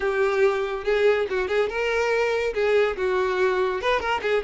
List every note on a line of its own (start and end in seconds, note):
0.00 0.84 G4
0.84 1.26 G#4
1.29 1.48 F#4
1.48 1.69 G#4
1.69 2.53 A#4
2.54 2.96 G#4
2.97 3.81 F#4
3.81 3.99 B4
3.99 4.21 A#4
4.22 4.43 G#4